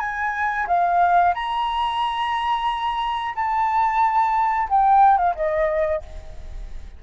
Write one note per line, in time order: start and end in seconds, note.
0.00 0.67 G#5
0.68 1.34 F5
1.35 3.35 A#5
3.35 4.69 A5
4.69 5.18 G5
5.18 5.35 F5
5.35 6.02 D#5